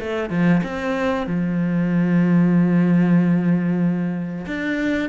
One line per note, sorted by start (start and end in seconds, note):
0.00 0.30 A3
0.30 0.62 F3
0.64 1.27 C4
1.27 4.46 F3
4.47 5.10 D4